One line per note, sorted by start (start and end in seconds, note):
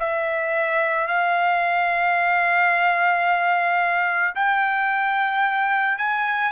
0.00 1.08 E5
1.08 4.35 F5
4.35 5.99 G5
5.99 6.52 G#5